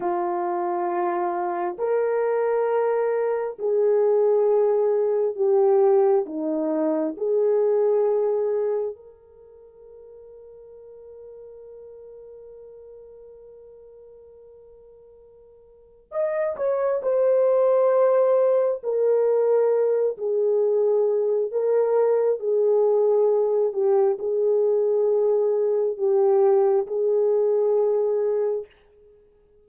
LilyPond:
\new Staff \with { instrumentName = "horn" } { \time 4/4 \tempo 4 = 67 f'2 ais'2 | gis'2 g'4 dis'4 | gis'2 ais'2~ | ais'1~ |
ais'2 dis''8 cis''8 c''4~ | c''4 ais'4. gis'4. | ais'4 gis'4. g'8 gis'4~ | gis'4 g'4 gis'2 | }